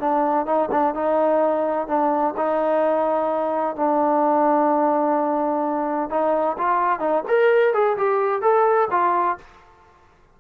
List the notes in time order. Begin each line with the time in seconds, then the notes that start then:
0.00 D4
0.46 D#4
0.71 D4
0.95 D#4
1.88 D4
2.37 D#4
3.76 D4
6.10 D#4
6.58 F4
7.00 D#4
7.28 A#4
7.74 G#4
7.97 G4
8.42 A4
8.91 F4